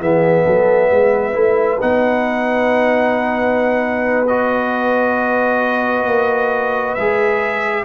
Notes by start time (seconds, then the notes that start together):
0.00 E3 B3 G#4 E5
0.45 F#3 A4
0.91 G#3 B4
1.33 A3 E4
1.80 B3 D#4 F#5
4.27 F#4 D#5
6.07 A#3
6.94 G#3 G#4 E5